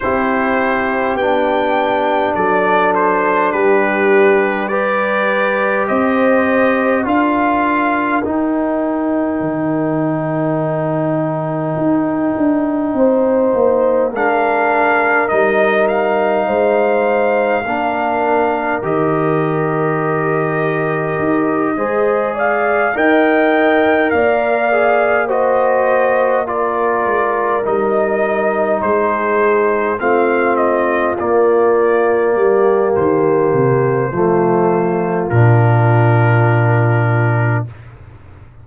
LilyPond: <<
  \new Staff \with { instrumentName = "trumpet" } { \time 4/4 \tempo 4 = 51 c''4 g''4 d''8 c''8 b'4 | d''4 dis''4 f''4 g''4~ | g''1 | f''4 dis''8 f''2~ f''8 |
dis''2. f''8 g''8~ | g''8 f''4 dis''4 d''4 dis''8~ | dis''8 c''4 f''8 dis''8 d''4. | c''2 ais'2 | }
  \new Staff \with { instrumentName = "horn" } { \time 4/4 g'2 a'4 g'4 | b'4 c''4 ais'2~ | ais'2. c''4 | ais'2 c''4 ais'4~ |
ais'2~ ais'8 c''8 d''8 dis''8~ | dis''8 d''4 c''4 ais'4.~ | ais'8 gis'4 f'2 g'8~ | g'4 f'2. | }
  \new Staff \with { instrumentName = "trombone" } { \time 4/4 e'4 d'2. | g'2 f'4 dis'4~ | dis'1 | d'4 dis'2 d'4 |
g'2~ g'8 gis'4 ais'8~ | ais'4 gis'8 fis'4 f'4 dis'8~ | dis'4. c'4 ais4.~ | ais4 a4 d'2 | }
  \new Staff \with { instrumentName = "tuba" } { \time 4/4 c'4 b4 fis4 g4~ | g4 c'4 d'4 dis'4 | dis2 dis'8 d'8 c'8 ais8 | gis4 g4 gis4 ais4 |
dis2 dis'8 gis4 dis'8~ | dis'8 ais2~ ais8 gis8 g8~ | g8 gis4 a4 ais4 g8 | dis8 c8 f4 ais,2 | }
>>